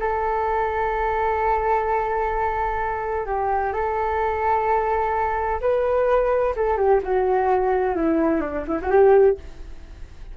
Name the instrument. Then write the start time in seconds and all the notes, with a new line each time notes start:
flute
0.00 A4
3.26 G4
3.73 A4
5.61 B4
6.56 A4
6.78 G4
7.04 F#4
7.96 E4
8.41 D4
8.68 E4
8.82 F#4
8.91 G4